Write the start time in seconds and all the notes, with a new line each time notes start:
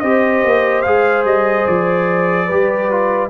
0.00 C4 G4 C5 D#5
0.44 A#3
0.82 G#3 G#4 F5
1.24 G3 D#5
1.67 F3 D5
2.47 G3 G4 B4
2.91 F4